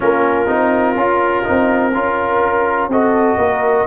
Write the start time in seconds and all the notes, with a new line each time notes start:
0.00 A#3 C#4 F4 A#4
0.46 C4 D#4
0.96 C#4 F4
1.43 C4 D#4
1.93 C#4 F4 A#4
2.88 C4 F#4 A4 D#5
3.37 A#3 A#4